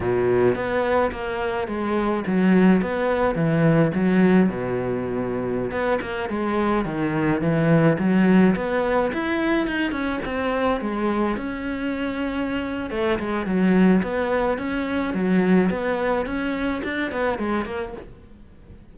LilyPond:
\new Staff \with { instrumentName = "cello" } { \time 4/4 \tempo 4 = 107 b,4 b4 ais4 gis4 | fis4 b4 e4 fis4 | b,2~ b,16 b8 ais8 gis8.~ | gis16 dis4 e4 fis4 b8.~ |
b16 e'4 dis'8 cis'8 c'4 gis8.~ | gis16 cis'2~ cis'8. a8 gis8 | fis4 b4 cis'4 fis4 | b4 cis'4 d'8 b8 gis8 ais8 | }